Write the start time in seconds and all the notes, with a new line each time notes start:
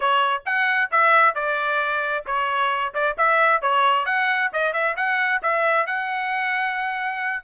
0.00 C#5
0.45 F#5
0.91 E5
1.34 D5
2.26 C#5
2.93 D5
3.17 E5
3.61 C#5
4.05 F#5
4.52 D#5
4.73 E5
4.96 F#5
5.42 E5
5.86 F#5